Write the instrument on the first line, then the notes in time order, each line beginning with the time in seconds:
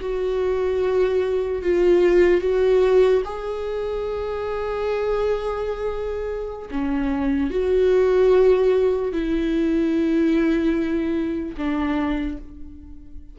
viola
0.00 F#4
1.63 F4
2.41 F#4
3.25 G#4
6.71 C#4
7.50 F#4
9.12 E4
11.57 D4